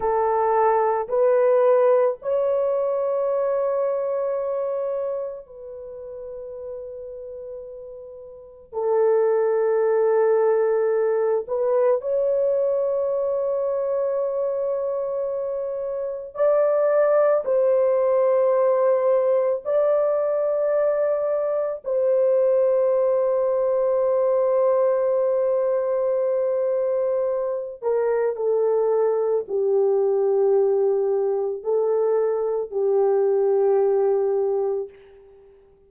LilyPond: \new Staff \with { instrumentName = "horn" } { \time 4/4 \tempo 4 = 55 a'4 b'4 cis''2~ | cis''4 b'2. | a'2~ a'8 b'8 cis''4~ | cis''2. d''4 |
c''2 d''2 | c''1~ | c''4. ais'8 a'4 g'4~ | g'4 a'4 g'2 | }